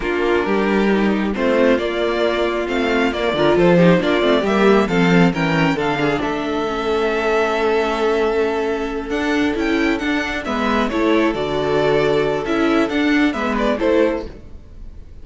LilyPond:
<<
  \new Staff \with { instrumentName = "violin" } { \time 4/4 \tempo 4 = 135 ais'2. c''4 | d''2 f''4 d''4 | c''4 d''4 e''4 f''4 | g''4 f''4 e''2~ |
e''1~ | e''8 fis''4 g''4 fis''4 e''8~ | e''8 cis''4 d''2~ d''8 | e''4 fis''4 e''8 d''8 c''4 | }
  \new Staff \with { instrumentName = "violin" } { \time 4/4 f'4 g'2 f'4~ | f'2.~ f'8 ais'8 | a'8 g'8 f'4 g'4 a'4 | ais'4 a'8 gis'8 a'2~ |
a'1~ | a'2.~ a'8 b'8~ | b'8 a'2.~ a'8~ | a'2 b'4 a'4 | }
  \new Staff \with { instrumentName = "viola" } { \time 4/4 d'2 dis'4 c'4 | ais2 c'4 ais8 f'8~ | f'8 dis'8 d'8 c'8 ais4 c'4 | cis'4 d'2 cis'4~ |
cis'1~ | cis'8 d'4 e'4 d'4 b8~ | b8 e'4 fis'2~ fis'8 | e'4 d'4 b4 e'4 | }
  \new Staff \with { instrumentName = "cello" } { \time 4/4 ais4 g2 a4 | ais2 a4 ais8 d8 | f4 ais8 a8 g4 f4 | e4 d4 a2~ |
a1~ | a8 d'4 cis'4 d'4 gis8~ | gis8 a4 d2~ d8 | cis'4 d'4 gis4 a4 | }
>>